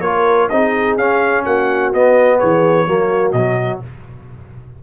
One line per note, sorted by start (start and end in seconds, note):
0.00 0.47 A#3
0.00 0.49 F4
0.00 0.51 A#4
0.00 0.48 C#5
0.49 0.96 C4
0.49 0.99 D#4
0.49 1.43 G#4
0.49 0.96 D#5
0.96 1.44 C#4
0.96 1.93 C#4
0.96 1.44 F5
1.43 1.93 A#3
1.43 2.37 F#4
1.43 1.92 F#5
1.93 2.40 B3
1.93 2.87 B3
1.93 2.39 D#5
2.39 2.86 E3
2.39 2.86 G#4
2.39 3.32 C#5
2.86 3.32 F#3
2.86 3.34 A#3
2.86 3.82 F#4
3.32 3.79 B2
3.32 3.82 F#3
3.32 3.79 D#5